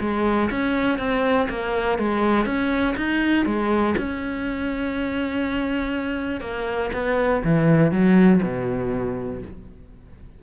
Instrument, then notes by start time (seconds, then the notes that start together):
cello
0.00 G#3
0.50 C#4
0.98 C4
1.49 A#3
1.98 G#3
2.46 C#4
2.97 D#4
3.46 G#3
3.98 C#4
6.41 A#3
6.93 B3
7.44 E3
7.92 F#3
8.43 B2